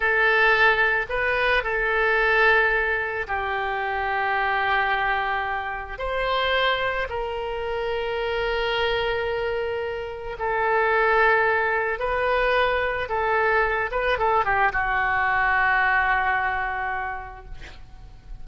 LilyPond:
\new Staff \with { instrumentName = "oboe" } { \time 4/4 \tempo 4 = 110 a'2 b'4 a'4~ | a'2 g'2~ | g'2. c''4~ | c''4 ais'2.~ |
ais'2. a'4~ | a'2 b'2 | a'4. b'8 a'8 g'8 fis'4~ | fis'1 | }